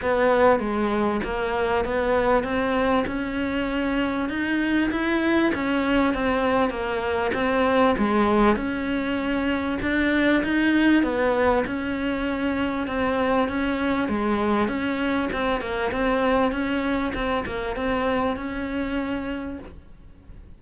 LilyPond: \new Staff \with { instrumentName = "cello" } { \time 4/4 \tempo 4 = 98 b4 gis4 ais4 b4 | c'4 cis'2 dis'4 | e'4 cis'4 c'4 ais4 | c'4 gis4 cis'2 |
d'4 dis'4 b4 cis'4~ | cis'4 c'4 cis'4 gis4 | cis'4 c'8 ais8 c'4 cis'4 | c'8 ais8 c'4 cis'2 | }